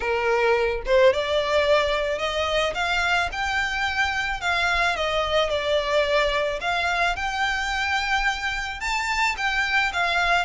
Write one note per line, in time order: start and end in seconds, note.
0.00 0.82 A#4
0.86 1.13 C5
1.13 2.18 D5
2.18 2.73 D#5
2.74 3.29 F5
3.32 4.40 G5
4.40 4.95 F5
4.96 5.49 D#5
5.49 6.59 D5
6.61 7.16 F5
7.16 8.80 G5
8.80 9.35 A5
9.37 9.92 G5
9.92 10.45 F5